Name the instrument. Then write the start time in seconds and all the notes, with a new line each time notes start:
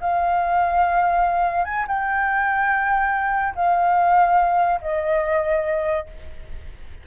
flute
0.00 F5
1.64 G#5
1.87 G5
3.55 F5
4.81 D#5